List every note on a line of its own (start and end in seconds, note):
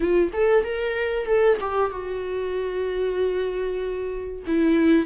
0.00 0.31 F4
0.33 0.64 A4
0.64 1.26 A#4
1.26 1.57 A4
1.60 1.90 G4
1.90 4.43 F#4
4.46 5.06 E4